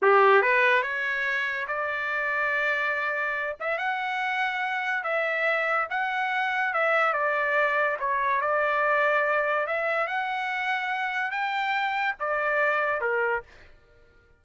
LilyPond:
\new Staff \with { instrumentName = "trumpet" } { \time 4/4 \tempo 4 = 143 g'4 b'4 cis''2 | d''1~ | d''8 e''8 fis''2. | e''2 fis''2 |
e''4 d''2 cis''4 | d''2. e''4 | fis''2. g''4~ | g''4 d''2 ais'4 | }